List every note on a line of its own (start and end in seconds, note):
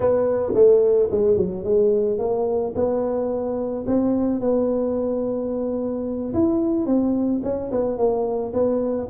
0.00 0.53 B3
0.54 1.09 A3
1.11 1.36 G#3
1.36 1.64 F#3
1.64 2.18 G#3
2.18 2.73 A#3
2.75 3.85 B3
3.86 4.40 C4
4.40 6.33 B3
6.33 6.86 E4
6.86 7.41 C4
7.43 7.70 C#4
7.71 7.97 B3
7.97 8.52 A#3
8.53 9.08 B3